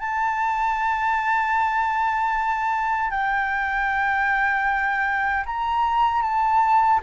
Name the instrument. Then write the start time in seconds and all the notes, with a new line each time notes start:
flute
0.00 A5
3.11 G5
5.46 A#5
6.22 A5